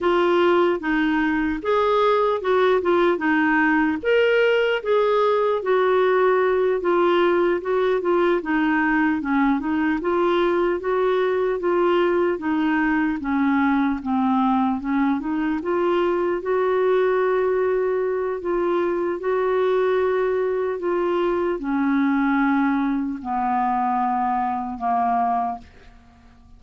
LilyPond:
\new Staff \with { instrumentName = "clarinet" } { \time 4/4 \tempo 4 = 75 f'4 dis'4 gis'4 fis'8 f'8 | dis'4 ais'4 gis'4 fis'4~ | fis'8 f'4 fis'8 f'8 dis'4 cis'8 | dis'8 f'4 fis'4 f'4 dis'8~ |
dis'8 cis'4 c'4 cis'8 dis'8 f'8~ | f'8 fis'2~ fis'8 f'4 | fis'2 f'4 cis'4~ | cis'4 b2 ais4 | }